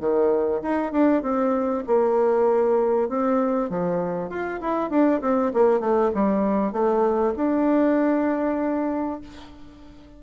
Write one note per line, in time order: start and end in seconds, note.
0.00 0.61 D#3
0.62 0.92 D#4
0.92 1.22 D4
1.22 1.84 C4
1.87 3.09 A#3
3.09 3.70 C4
3.70 4.30 F3
4.30 4.60 F4
4.61 4.90 E4
4.90 5.21 D4
5.22 5.52 C4
5.54 5.80 A#3
5.80 6.11 A3
6.14 6.73 G3
6.73 7.34 A3
7.37 9.20 D4